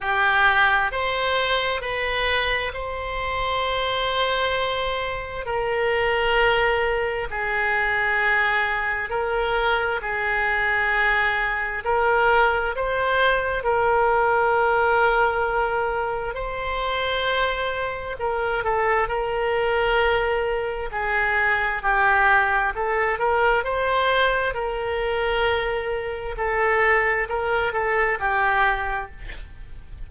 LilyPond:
\new Staff \with { instrumentName = "oboe" } { \time 4/4 \tempo 4 = 66 g'4 c''4 b'4 c''4~ | c''2 ais'2 | gis'2 ais'4 gis'4~ | gis'4 ais'4 c''4 ais'4~ |
ais'2 c''2 | ais'8 a'8 ais'2 gis'4 | g'4 a'8 ais'8 c''4 ais'4~ | ais'4 a'4 ais'8 a'8 g'4 | }